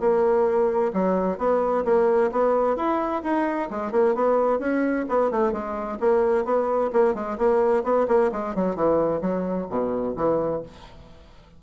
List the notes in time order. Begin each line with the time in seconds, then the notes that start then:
0.00 A#3
0.93 F#3
1.38 B3
1.85 A#3
2.32 B3
2.77 E4
3.23 D#4
3.71 G#3
3.92 A#3
4.15 B3
4.59 C#4
5.09 B3
5.31 A3
5.53 G#3
6.00 A#3
6.45 B3
6.93 A#3
7.15 G#3
7.38 A#3
7.84 B3
8.08 A#3
8.32 G#3
8.55 F#3
8.76 E3
9.21 F#3
9.70 B2
10.17 E3